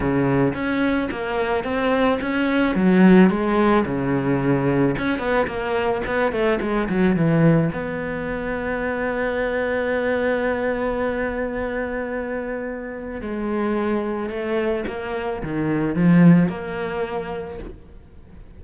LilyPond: \new Staff \with { instrumentName = "cello" } { \time 4/4 \tempo 4 = 109 cis4 cis'4 ais4 c'4 | cis'4 fis4 gis4 cis4~ | cis4 cis'8 b8 ais4 b8 a8 | gis8 fis8 e4 b2~ |
b1~ | b1 | gis2 a4 ais4 | dis4 f4 ais2 | }